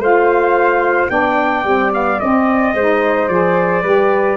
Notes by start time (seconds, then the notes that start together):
0.00 A3 F4 C5 F5
1.09 B3 D4 D5 G5
1.65 G3 C4
1.93 B3 F5
2.20 C4 D#5
2.75 G#3 D#4 C5
3.29 F3 G#4 D5
3.83 G3 G4 B4